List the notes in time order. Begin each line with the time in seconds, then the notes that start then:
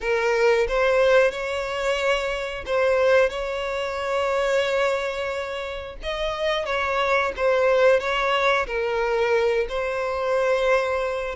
0.00 A#4
0.68 C5
1.31 C#5
2.65 C5
3.29 C#5
6.02 D#5
6.65 C#5
7.36 C5
7.99 C#5
8.67 A#4
9.68 C5